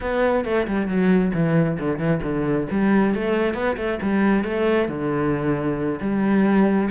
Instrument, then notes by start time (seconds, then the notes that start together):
cello
0.00 B3
0.44 A3
0.67 G3
0.87 F#3
1.34 E3
1.79 D3
1.98 E3
2.22 D3
2.70 G3
3.14 A3
3.54 B3
3.77 A3
4.01 G3
4.44 A3
4.88 D3
6.00 G3